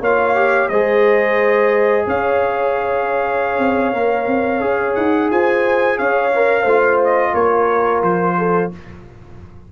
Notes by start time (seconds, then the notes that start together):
0.00 A#3 F4 C#5 F5
0.35 G4
0.68 G#3 G#4 C5 D#5
2.06 C#4 C#5 F5
3.59 C4
3.93 A#3 A#4
4.27 C4
4.60 C#4 G#4
4.95 D#4 F#5
5.30 F4 C5 G#5
5.98 C#4 C#5 F5
6.35 A#4
6.62 A3 F4 C5
7.04 D#5
7.33 A#3 A#4 C#5
8.01 F3 C5
8.38 A4